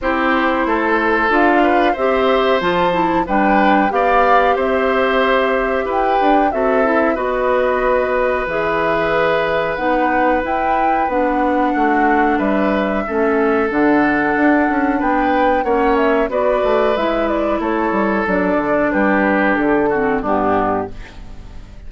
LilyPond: <<
  \new Staff \with { instrumentName = "flute" } { \time 4/4 \tempo 4 = 92 c''2 f''4 e''4 | a''4 g''4 f''4 e''4~ | e''4 g''4 e''4 dis''4~ | dis''4 e''2 fis''4 |
g''4 fis''2 e''4~ | e''4 fis''2 g''4 | fis''8 e''8 d''4 e''8 d''8 cis''4 | d''4 b'4 a'4 g'4 | }
  \new Staff \with { instrumentName = "oboe" } { \time 4/4 g'4 a'4. b'8 c''4~ | c''4 b'4 d''4 c''4~ | c''4 b'4 a'4 b'4~ | b'1~ |
b'2 fis'4 b'4 | a'2. b'4 | cis''4 b'2 a'4~ | a'4 g'4. fis'8 d'4 | }
  \new Staff \with { instrumentName = "clarinet" } { \time 4/4 e'2 f'4 g'4 | f'8 e'8 d'4 g'2~ | g'2 fis'8 e'8 fis'4~ | fis'4 gis'2 dis'4 |
e'4 d'2. | cis'4 d'2. | cis'4 fis'4 e'2 | d'2~ d'8 c'8 b4 | }
  \new Staff \with { instrumentName = "bassoon" } { \time 4/4 c'4 a4 d'4 c'4 | f4 g4 b4 c'4~ | c'4 e'8 d'8 c'4 b4~ | b4 e2 b4 |
e'4 b4 a4 g4 | a4 d4 d'8 cis'8 b4 | ais4 b8 a8 gis4 a8 g8 | fis8 d8 g4 d4 g,4 | }
>>